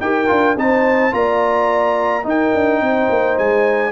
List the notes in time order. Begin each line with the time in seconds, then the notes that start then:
0.00 D#4 G4 A#4 G5
0.26 D4 F4
0.56 C4 D#4 C5 A5
1.12 A#3 F4 D5 A#5
2.23 D#4 A#4 G5
2.54 D4
2.81 C4 C5
3.09 A#3
3.38 G#3 G#5